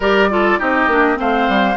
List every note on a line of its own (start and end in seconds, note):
0.00 0.59 G3
0.00 0.30 G4
0.00 0.28 A#4
0.00 0.60 D5
0.30 0.59 F4
0.30 0.58 A4
0.58 0.87 C4
0.58 0.89 D#4
0.58 1.18 G4
0.58 1.19 D#5
0.87 1.17 A#3
0.87 1.15 D4
1.15 1.48 A3
1.15 1.74 C4
1.15 1.76 C5
1.15 1.76 F5
1.48 1.76 G3